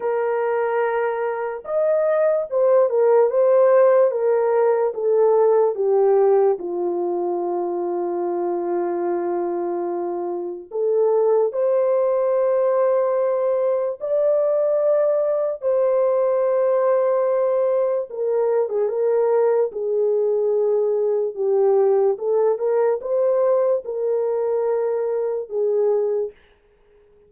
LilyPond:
\new Staff \with { instrumentName = "horn" } { \time 4/4 \tempo 4 = 73 ais'2 dis''4 c''8 ais'8 | c''4 ais'4 a'4 g'4 | f'1~ | f'4 a'4 c''2~ |
c''4 d''2 c''4~ | c''2 ais'8. gis'16 ais'4 | gis'2 g'4 a'8 ais'8 | c''4 ais'2 gis'4 | }